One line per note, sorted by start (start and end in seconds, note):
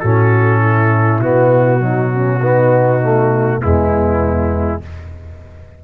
0.00 1.20 A2
0.00 1.22 C#4
0.00 0.60 F#4
0.00 1.20 A4
0.60 1.80 E4
1.20 3.60 B2
1.20 1.80 B3
1.20 3.62 F#4
1.80 2.40 F#3
1.80 2.12 D#4
2.14 2.41 C#4
2.41 3.02 B3
2.41 3.59 D#4
3.02 3.62 A3
3.59 4.84 E2
3.59 4.82 G#3
3.59 4.79 B3
3.59 4.82 E4